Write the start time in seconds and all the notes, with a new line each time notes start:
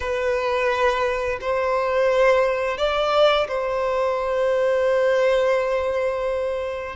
0.00 B4
1.40 C5
2.77 D5
3.48 C5